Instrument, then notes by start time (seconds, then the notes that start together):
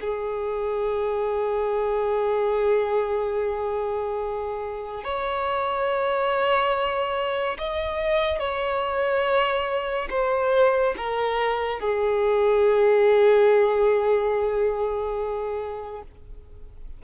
violin
0.00 G#4
5.04 C#5
7.58 D#5
8.39 C#5
10.09 C5
10.97 A#4
11.79 G#4